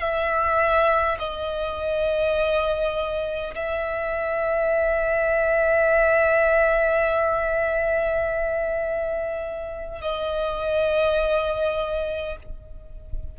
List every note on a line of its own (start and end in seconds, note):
0.00 1.18 E5
1.19 3.54 D#5
3.55 10.01 E5
10.01 12.36 D#5